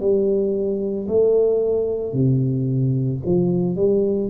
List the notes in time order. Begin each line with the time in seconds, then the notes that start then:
0.00 G3
1.08 A3
2.13 C3
3.25 F3
3.76 G3